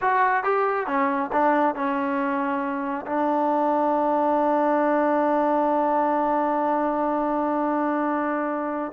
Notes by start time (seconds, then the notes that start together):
0.01 F#4
0.43 G4
0.86 C#4
1.32 D4
1.75 C#4
3.06 D4